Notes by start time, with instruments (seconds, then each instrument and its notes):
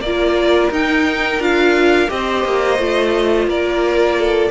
0.00 cello A#3, violin A#4 D5
0.06 viola F4
0.71 cello D#4, viola D#4, violin G5
1.39 cello D4, viola F4, violin F5
2.07 cello C4, viola G4, violin C5 D#5
2.44 cello A#3
2.78 cello A3, viola F4
3.46 cello A#3, violin A#4 D5
4.19 violin A4